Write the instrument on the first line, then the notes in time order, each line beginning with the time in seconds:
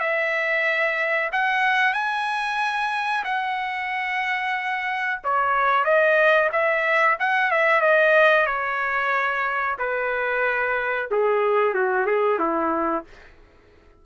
trumpet
0.00 E5
1.32 F#5
1.94 G#5
3.24 F#5
5.24 C#5
5.85 D#5
6.52 E5
7.19 F#5
7.51 E5
7.81 D#5
8.46 C#5
9.78 B4
11.11 G#4
11.74 F#4
12.07 G#4
12.39 E4